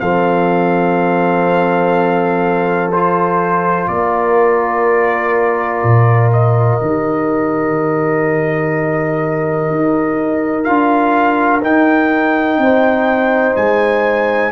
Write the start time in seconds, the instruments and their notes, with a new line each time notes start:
0.00 tuba F3, trombone C4, horn A4, trumpet F5
2.92 trombone F4, trumpet C5
3.88 tuba A#3, horn A#4, trumpet D5
5.83 tuba A#2
6.32 trumpet D#5
6.80 tuba D#3, trombone G4
9.70 tuba D#4
10.64 tuba D4, trombone F4, trumpet F5
11.61 tuba D#4, trombone D#4, trumpet G5
12.58 tuba C4, horn C5
13.56 tuba G#3, trumpet G#5